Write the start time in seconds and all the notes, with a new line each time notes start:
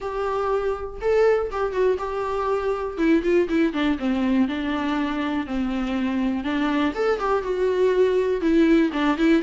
0.00 G4
1.01 A4
1.51 G4
1.72 F#4
1.98 G4
2.97 E4
3.23 F4
3.48 E4
3.73 D4
3.98 C4
4.47 D4
5.46 C4
6.44 D4
6.94 A4
7.19 G4
7.42 F#4
8.41 E4
8.93 D4
9.17 E4